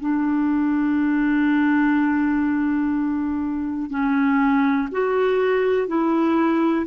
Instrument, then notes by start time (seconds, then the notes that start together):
clarinet
0.00 D4
3.90 C#4
4.92 F#4
5.88 E4